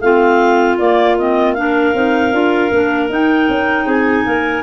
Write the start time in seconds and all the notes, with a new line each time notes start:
0.00 A3 C4 F4 F5
0.78 A#3 D5
1.18 C4 D#5
1.53 D4 A#4 F5
1.94 C4 D#4
2.32 D4 F4
2.71 A#3 D4
3.09 D#4 G5
3.49 C#4
3.85 C4 G#4 G#5
4.24 A#3 A#4